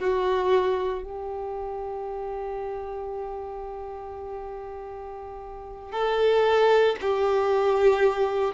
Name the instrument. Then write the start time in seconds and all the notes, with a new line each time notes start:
violin
0.00 F#4
1.03 G4
5.92 A4
7.01 G4